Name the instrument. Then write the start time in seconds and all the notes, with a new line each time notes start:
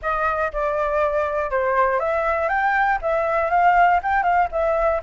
flute
0.01 D#5
0.52 D5
1.50 C5
1.99 E5
2.49 G5
3.01 E5
3.50 F5
4.02 G5
4.22 F5
4.51 E5